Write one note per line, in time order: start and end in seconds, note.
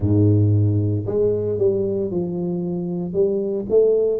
0.00 1.05 G#2
1.06 1.58 G#3
1.58 2.11 G3
2.11 3.13 F3
3.13 3.66 G3
3.69 4.20 A3